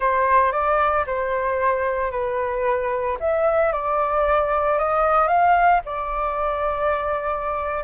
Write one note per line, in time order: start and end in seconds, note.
0.00 0.52 C5
0.52 1.05 D5
1.06 2.11 C5
2.11 3.17 B4
3.20 3.72 E5
3.72 4.78 D5
4.78 5.27 D#5
5.27 5.80 F5
5.85 7.84 D5